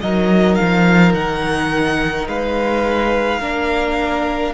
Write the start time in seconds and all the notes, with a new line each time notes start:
0.00 F#3 D#4 A#4 D#5
0.55 F3 F5
1.13 D#3 F#5
2.27 G#3 B4 F5
3.40 A#3 D4 A#4